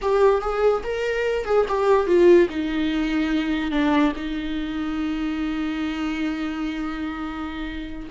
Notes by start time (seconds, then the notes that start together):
0.01 G4
0.41 G#4
0.83 A#4
1.45 G#4
1.68 G4
2.06 F4
2.49 D#4
3.71 D4
4.15 D#4